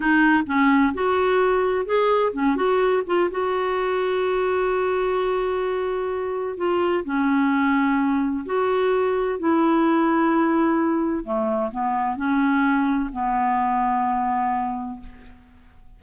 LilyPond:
\new Staff \with { instrumentName = "clarinet" } { \time 4/4 \tempo 4 = 128 dis'4 cis'4 fis'2 | gis'4 cis'8 fis'4 f'8 fis'4~ | fis'1~ | fis'2 f'4 cis'4~ |
cis'2 fis'2 | e'1 | a4 b4 cis'2 | b1 | }